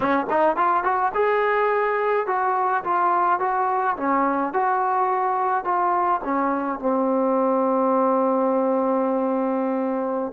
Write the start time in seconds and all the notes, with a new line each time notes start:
0.00 C#4
0.30 D#4
0.56 F4
0.83 F#4
1.14 G#4
2.26 F#4
2.84 F4
3.39 F#4
3.96 C#4
4.53 F#4
5.64 F4
6.24 C#4
6.79 C4